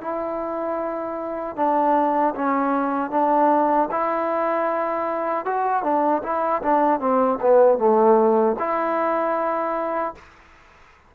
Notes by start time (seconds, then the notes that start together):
0.00 E4
1.56 D4
2.35 C#4
3.10 D4
3.91 E4
5.45 F#4
5.83 D4
6.23 E4
6.62 D4
7.00 C4
7.41 B3
7.78 A3
8.59 E4